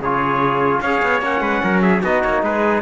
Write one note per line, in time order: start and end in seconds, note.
0.00 0.81 C#3
0.00 0.85 F4
0.00 0.82 G#4
0.00 0.81 C#5
0.81 1.02 C#4
0.81 1.22 G#4
0.81 1.42 C#5
0.81 1.22 F5
1.02 1.21 B3
1.21 1.41 A#3
1.21 2.03 C#4
1.21 1.82 F#5
1.41 1.61 G#3
1.41 1.62 B4
1.64 2.03 F#3
1.64 1.83 A#4
1.82 2.02 G#4
1.82 2.02 E5
2.02 2.23 B3
2.02 2.82 D#4
2.02 2.42 F#4
2.02 2.23 D#5
2.23 2.42 A#3
2.23 2.43 C#5
2.42 2.82 G#3
2.42 2.82 G#4
2.42 2.82 B4